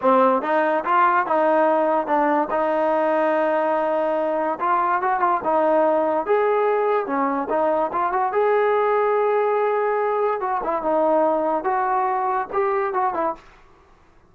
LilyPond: \new Staff \with { instrumentName = "trombone" } { \time 4/4 \tempo 4 = 144 c'4 dis'4 f'4 dis'4~ | dis'4 d'4 dis'2~ | dis'2. f'4 | fis'8 f'8 dis'2 gis'4~ |
gis'4 cis'4 dis'4 f'8 fis'8 | gis'1~ | gis'4 fis'8 e'8 dis'2 | fis'2 g'4 fis'8 e'8 | }